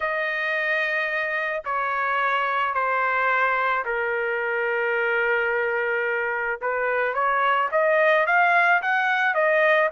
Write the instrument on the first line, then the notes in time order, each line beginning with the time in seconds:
trumpet
0.00 D#5
1.64 C#5
2.74 C5
3.85 A#4
6.61 B4
7.14 C#5
7.71 D#5
8.26 F5
8.82 F#5
9.34 D#5